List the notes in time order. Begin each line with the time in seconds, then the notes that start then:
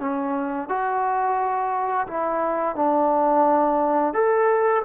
0.00 C#4
0.69 F#4
2.07 E4
2.76 D4
4.14 A4